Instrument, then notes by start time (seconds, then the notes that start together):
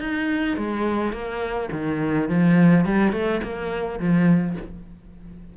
cello
0.00 D#4
0.57 G#3
1.12 A#3
1.72 D#3
2.29 F3
2.85 G3
3.12 A3
3.43 A#3
4.00 F3